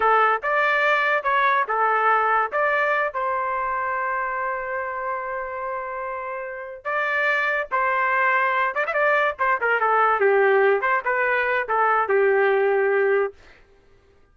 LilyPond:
\new Staff \with { instrumentName = "trumpet" } { \time 4/4 \tempo 4 = 144 a'4 d''2 cis''4 | a'2 d''4. c''8~ | c''1~ | c''1~ |
c''8 d''2 c''4.~ | c''4 d''16 e''16 d''4 c''8 ais'8 a'8~ | a'8 g'4. c''8 b'4. | a'4 g'2. | }